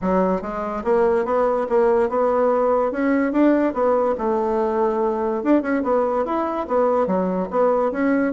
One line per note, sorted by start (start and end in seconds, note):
0.01 0.41 F#3
0.41 0.83 G#3
0.84 1.25 A#3
1.25 1.66 B3
1.69 2.09 A#3
2.09 2.91 B3
2.91 3.32 C#4
3.32 3.73 D4
3.73 4.15 B3
4.18 5.43 A3
5.43 5.62 D4
5.62 5.82 C#4
5.83 6.25 B3
6.25 6.67 E4
6.67 7.06 B3
7.06 7.48 F#3
7.50 7.91 B3
7.91 8.33 C#4